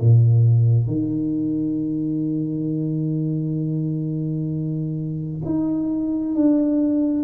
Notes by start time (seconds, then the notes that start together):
0.00 A#2
0.87 D#3
5.45 D#4
6.35 D4